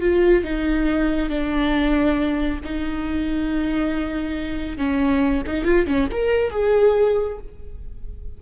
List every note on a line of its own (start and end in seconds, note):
0.00 0.43 F4
0.44 1.29 D#4
1.29 2.59 D4
2.64 4.77 D#4
4.77 5.42 C#4
5.46 5.65 D#4
5.65 5.86 F4
5.86 6.08 C#4
6.11 6.50 A#4
6.50 7.37 G#4